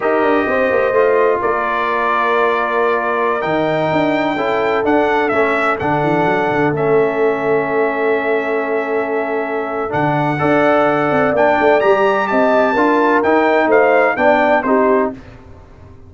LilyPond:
<<
  \new Staff \with { instrumentName = "trumpet" } { \time 4/4 \tempo 4 = 127 dis''2. d''4~ | d''2.~ d''16 g''8.~ | g''2~ g''16 fis''4 e''8.~ | e''16 fis''2 e''4.~ e''16~ |
e''1~ | e''4 fis''2. | g''4 ais''4 a''2 | g''4 f''4 g''4 c''4 | }
  \new Staff \with { instrumentName = "horn" } { \time 4/4 ais'4 c''2 ais'4~ | ais'1~ | ais'4~ ais'16 a'2~ a'8.~ | a'1~ |
a'1~ | a'2 d''2~ | d''2 dis''4 ais'4~ | ais'4 c''4 d''4 g'4 | }
  \new Staff \with { instrumentName = "trombone" } { \time 4/4 g'2 f'2~ | f'2.~ f'16 dis'8.~ | dis'4~ dis'16 e'4 d'4 cis'8.~ | cis'16 d'2 cis'4.~ cis'16~ |
cis'1~ | cis'4 d'4 a'2 | d'4 g'2 f'4 | dis'2 d'4 dis'4 | }
  \new Staff \with { instrumentName = "tuba" } { \time 4/4 dis'8 d'8 c'8 ais8 a4 ais4~ | ais2.~ ais16 dis8.~ | dis16 d'4 cis'4 d'4 a8.~ | a16 d8 e8 fis8 d8 a4.~ a16~ |
a1~ | a4 d4 d'4. c'8 | ais8 a8 g4 c'4 d'4 | dis'4 a4 b4 c'4 | }
>>